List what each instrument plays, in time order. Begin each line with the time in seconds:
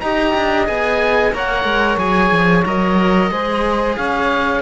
0.00 cello D#4 G4, saxophone D#5, oboe A#5
0.35 cello D4
0.65 cello B3 G#4, oboe G#5
1.32 cello A#3 A#4, saxophone C#5, oboe F#5
1.64 cello G#3
1.97 cello F#3 G#4, oboe G#5
2.32 cello F3
2.65 cello F#3 A#4, oboe D#5
3.30 cello G#3 G#4, saxophone C5
3.96 cello C#4, saxophone C#5, oboe F5